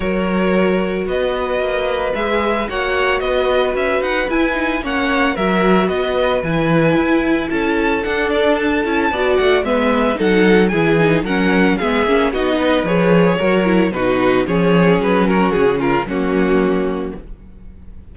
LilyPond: <<
  \new Staff \with { instrumentName = "violin" } { \time 4/4 \tempo 4 = 112 cis''2 dis''2 | e''4 fis''4 dis''4 e''8 fis''8 | gis''4 fis''4 e''4 dis''4 | gis''2 a''4 fis''8 d''8 |
a''4. fis''8 e''4 fis''4 | gis''4 fis''4 e''4 dis''4 | cis''2 b'4 cis''4 | b'8 ais'8 gis'8 ais'8 fis'2 | }
  \new Staff \with { instrumentName = "violin" } { \time 4/4 ais'2 b'2~ | b'4 cis''4 b'2~ | b'4 cis''4 ais'4 b'4~ | b'2 a'2~ |
a'4 d''4 b'4 a'4 | gis'4 ais'4 gis'4 fis'8 b'8~ | b'4 ais'4 fis'4 gis'4~ | gis'8 fis'4 f'8 cis'2 | }
  \new Staff \with { instrumentName = "viola" } { \time 4/4 fis'1 | gis'4 fis'2. | e'8 dis'8 cis'4 fis'2 | e'2. d'4~ |
d'8 e'8 fis'4 b4 dis'4 | e'8 dis'8 cis'4 b8 cis'8 dis'4 | gis'4 fis'8 e'8 dis'4 cis'4~ | cis'2 ais2 | }
  \new Staff \with { instrumentName = "cello" } { \time 4/4 fis2 b4 ais4 | gis4 ais4 b4 cis'8 dis'8 | e'4 ais4 fis4 b4 | e4 e'4 cis'4 d'4~ |
d'8 cis'8 b8 a8 gis4 fis4 | e4 fis4 gis8 ais8 b4 | f4 fis4 b,4 f4 | fis4 cis4 fis2 | }
>>